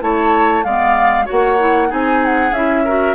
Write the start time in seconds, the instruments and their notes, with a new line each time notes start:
0.00 bassoon A3, clarinet E4, oboe C#5, flute A5
0.64 bassoon G#3, clarinet B3, oboe D5, flute F5
1.25 clarinet F#4, oboe C#5, flute F#5
1.31 bassoon A#3
1.59 clarinet E4
1.88 bassoon C4, clarinet D#4, oboe G#4, flute G#5
2.24 flute F#5
2.51 bassoon C#4, clarinet E4, flute E5
2.84 clarinet F#4, oboe A#4